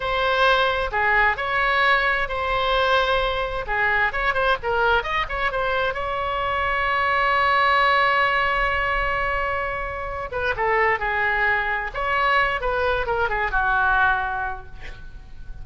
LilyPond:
\new Staff \with { instrumentName = "oboe" } { \time 4/4 \tempo 4 = 131 c''2 gis'4 cis''4~ | cis''4 c''2. | gis'4 cis''8 c''8 ais'4 dis''8 cis''8 | c''4 cis''2.~ |
cis''1~ | cis''2~ cis''8 b'8 a'4 | gis'2 cis''4. b'8~ | b'8 ais'8 gis'8 fis'2~ fis'8 | }